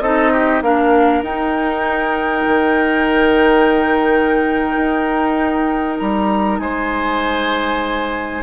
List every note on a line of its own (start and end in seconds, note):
0.00 0.61 C4
0.00 0.62 D#4
0.00 0.32 A4
0.00 0.61 D#5
0.32 0.63 G4
0.61 1.22 A#3
0.61 1.24 D4
0.61 6.60 A#4
0.61 1.23 F5
1.22 2.45 D#4
1.22 8.43 D#4
1.22 5.98 G5
2.46 4.76 D#3
4.76 5.98 D#4
5.98 6.59 G3
5.98 6.59 A#5
6.59 8.42 G#3
6.59 8.43 C5
6.59 8.42 G#5